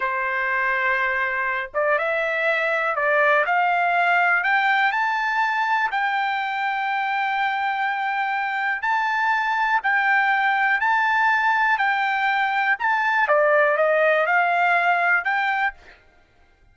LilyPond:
\new Staff \with { instrumentName = "trumpet" } { \time 4/4 \tempo 4 = 122 c''2.~ c''8 d''8 | e''2 d''4 f''4~ | f''4 g''4 a''2 | g''1~ |
g''2 a''2 | g''2 a''2 | g''2 a''4 d''4 | dis''4 f''2 g''4 | }